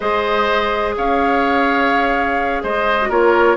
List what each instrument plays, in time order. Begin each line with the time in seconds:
0.00 bassoon G#3, clarinet G#4, oboe C5, flute D#5
0.97 bassoon C#4, oboe C#5, flute F5
2.63 bassoon G#3, oboe C5, flute D#5
3.01 clarinet F#4
3.08 bassoon A#3, clarinet F4, oboe A#4, flute C#5